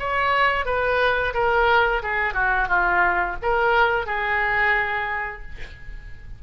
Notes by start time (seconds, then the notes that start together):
0.00 C#5
0.66 B4
1.34 A#4
2.03 G#4
2.34 F#4
2.68 F4
3.42 A#4
4.06 G#4